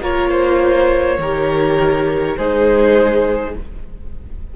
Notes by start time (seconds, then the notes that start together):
0.00 A#3 F4 A#4 C#5
0.31 C5
1.19 D#3 G4 A#4
2.37 G#3 D#4 G#4 C5